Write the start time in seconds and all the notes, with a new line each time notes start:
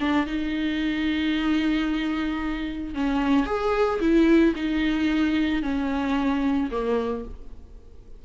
0.00 D4
0.27 D#4
2.95 C#4
3.46 G#4
4.01 E4
4.56 D#4
5.62 C#4
6.71 A#3